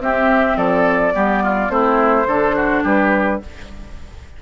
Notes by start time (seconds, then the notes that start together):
0.00 C4 G4 E5
0.56 F3 A4 D5
1.13 G3 B3 G4
1.43 F4
1.69 A3 C4 E4 C5
2.27 D3 D4 A4
2.55 F#4
2.83 G3 G4 B4